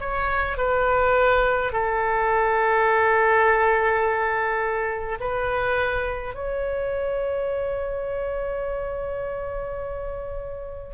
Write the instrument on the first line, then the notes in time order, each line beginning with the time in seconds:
oboe
0.00 C#5
0.57 B4
1.72 A4
5.20 B4
6.35 C#5